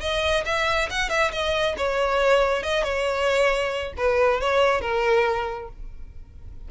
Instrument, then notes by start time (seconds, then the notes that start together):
violin
0.00 D#5
0.45 E5
0.90 F#5
1.09 E5
1.31 D#5
1.77 C#5
2.63 D#5
2.83 C#5
3.97 B4
4.40 C#5
4.81 A#4